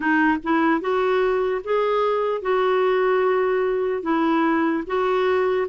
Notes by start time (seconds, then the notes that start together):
0.00 D#4
0.43 E4
0.80 F#4
1.64 G#4
2.41 F#4
4.02 E4
4.86 F#4